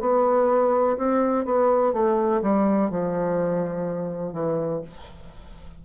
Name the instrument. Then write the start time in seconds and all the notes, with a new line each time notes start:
bassoon
0.00 B3
0.97 C4
1.45 B3
1.93 A3
2.41 G3
2.90 F3
4.32 E3